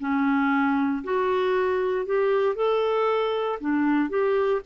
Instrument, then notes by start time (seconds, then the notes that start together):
clarinet
0.00 C#4
1.04 F#4
2.06 G4
2.56 A4
3.60 D4
4.10 G4